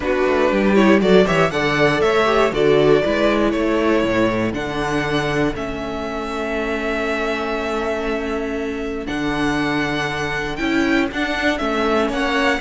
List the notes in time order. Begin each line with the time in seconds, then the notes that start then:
0.00 B3 D4 F#4 B4
0.26 A3
0.51 G3 G4
0.75 E4 C#5
1.01 F#3 F#4 A4 D5
1.25 E3 G4 C#5 E5
1.50 D3 A4 D5 F#5
2.00 A3 C#5 E5
2.25 G4
2.51 D3 F#4 A4 D5
3.03 G#3 E4 B4
3.50 A3 A4 C#5
4.03 A2
4.53 D3 D4 F#5
5.54 A3 C#4 E5
9.06 D3 D4 F#5
10.56 C#4 E4 G5
11.11 D4 F#5
11.58 A3 C#4 E5
12.07 A#3 C#5 F#5